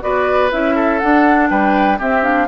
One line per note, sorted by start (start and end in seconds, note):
0.00 0.51 B3
0.00 0.49 F#4
0.00 0.75 B4
0.00 0.51 D5
0.51 1.02 C#4
0.51 1.00 E4
0.51 0.99 E5
0.75 1.49 A4
0.99 1.99 D4
0.99 1.50 D4
0.99 1.48 F#5
1.49 1.99 G3
1.49 1.98 B4
1.49 1.99 G5
1.98 2.22 C4
1.98 2.48 C4
1.98 2.47 G4
1.98 2.24 E5
2.22 2.47 D4
2.22 2.48 F5